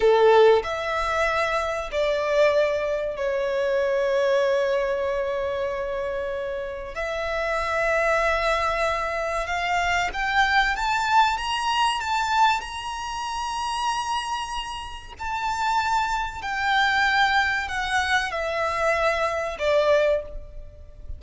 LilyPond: \new Staff \with { instrumentName = "violin" } { \time 4/4 \tempo 4 = 95 a'4 e''2 d''4~ | d''4 cis''2.~ | cis''2. e''4~ | e''2. f''4 |
g''4 a''4 ais''4 a''4 | ais''1 | a''2 g''2 | fis''4 e''2 d''4 | }